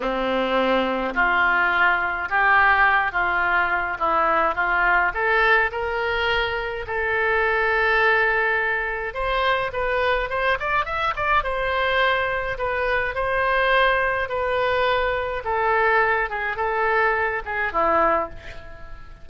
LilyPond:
\new Staff \with { instrumentName = "oboe" } { \time 4/4 \tempo 4 = 105 c'2 f'2 | g'4. f'4. e'4 | f'4 a'4 ais'2 | a'1 |
c''4 b'4 c''8 d''8 e''8 d''8 | c''2 b'4 c''4~ | c''4 b'2 a'4~ | a'8 gis'8 a'4. gis'8 e'4 | }